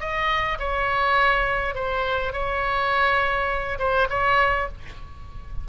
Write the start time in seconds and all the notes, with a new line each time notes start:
0.00 D#5
0.59 C#5
1.75 C5
2.33 C#5
3.79 C5
4.10 C#5